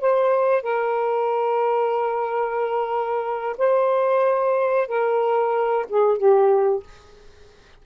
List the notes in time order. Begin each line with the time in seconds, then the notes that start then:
0.00 C5
0.63 A#4
3.58 C5
4.88 A#4
5.89 G#4
6.18 G4